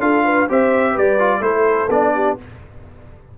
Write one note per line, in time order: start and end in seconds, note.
0.00 0.47 D4
0.00 0.48 F4
0.00 0.25 A4
0.00 0.48 F5
0.25 0.49 B4
0.49 0.97 C4
0.49 1.19 G4
0.49 0.92 C5
0.49 0.98 E5
0.92 1.41 G3
0.92 1.39 B4
0.98 1.43 D5
1.19 1.42 F4
1.41 1.88 A3
1.41 1.89 E4
1.41 2.15 A4
1.41 1.90 C5
1.90 2.37 B3
1.90 2.39 D4
1.90 2.38 D5
2.15 2.38 G4